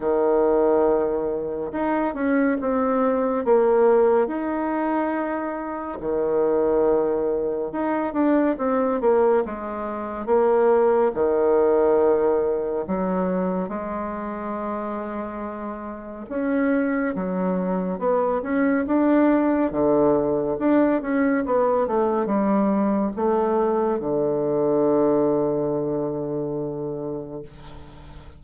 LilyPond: \new Staff \with { instrumentName = "bassoon" } { \time 4/4 \tempo 4 = 70 dis2 dis'8 cis'8 c'4 | ais4 dis'2 dis4~ | dis4 dis'8 d'8 c'8 ais8 gis4 | ais4 dis2 fis4 |
gis2. cis'4 | fis4 b8 cis'8 d'4 d4 | d'8 cis'8 b8 a8 g4 a4 | d1 | }